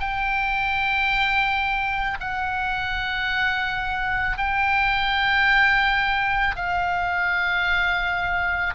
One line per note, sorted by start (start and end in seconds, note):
0.00 2.18 G5
2.21 4.37 F#5
4.37 6.56 G5
6.56 8.74 F5